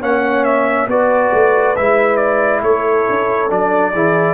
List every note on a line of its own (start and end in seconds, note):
0.00 0.88 A#3
0.00 0.89 C#4
0.00 0.87 C#5
0.00 0.45 F#5
0.45 0.88 E5
0.88 1.31 B3
0.88 1.76 F#4
0.88 2.64 B4
0.88 1.77 D5
1.33 1.77 A3
1.77 2.62 G#3
1.77 3.49 E4
1.77 2.17 E5
2.17 2.61 D5
2.62 3.06 A3
2.62 3.93 A4
2.62 3.51 C#5
3.10 3.51 C#4
3.49 3.94 F#3
3.49 3.93 D4
3.49 4.34 D5
3.93 4.34 E3
3.93 4.34 E4
3.93 4.34 G#4